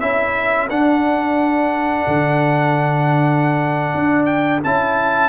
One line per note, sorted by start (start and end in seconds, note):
0.00 0.70 C#4
0.00 0.69 E4
0.00 5.29 A4
0.00 0.68 E5
0.70 2.07 D4
0.70 4.63 D4
0.70 4.26 F#5
2.07 3.95 D3
3.95 4.63 D4
4.26 4.60 G5
4.64 5.29 C#4
4.64 5.29 E4
4.64 5.29 A5